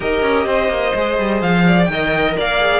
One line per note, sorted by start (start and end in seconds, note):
0.00 0.22 D#4
0.00 0.92 G4
0.00 0.45 A#4
0.00 1.41 D#5
0.22 0.45 C#4
0.45 0.68 C4
0.45 1.64 C5
0.68 0.92 A#3
0.94 1.18 G#3
0.94 1.91 G#4
1.18 1.42 G3
1.41 1.88 F3
1.41 1.85 F5
1.66 1.90 D5
1.85 2.35 D#3
1.85 2.32 G5
1.91 2.59 A#4
1.91 2.37 D#5
2.37 2.79 A#3
2.37 2.79 D5
2.37 2.79 F5
2.59 2.79 G#4